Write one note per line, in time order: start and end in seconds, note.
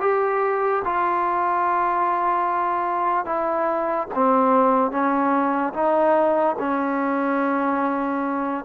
0.00 0.82 G4
0.84 3.25 F4
3.25 4.07 E4
4.14 4.91 C4
4.91 5.73 C#4
5.73 6.56 D#4
6.59 8.64 C#4